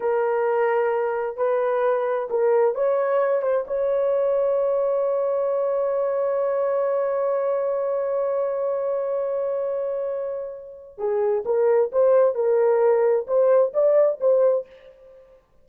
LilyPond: \new Staff \with { instrumentName = "horn" } { \time 4/4 \tempo 4 = 131 ais'2. b'4~ | b'4 ais'4 cis''4. c''8 | cis''1~ | cis''1~ |
cis''1~ | cis''1 | gis'4 ais'4 c''4 ais'4~ | ais'4 c''4 d''4 c''4 | }